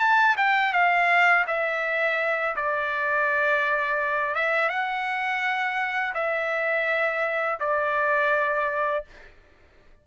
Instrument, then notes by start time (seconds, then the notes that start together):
trumpet
0.00 A5
0.37 G5
0.73 F5
1.48 E5
2.56 D5
4.35 E5
4.69 F#5
6.14 E5
7.60 D5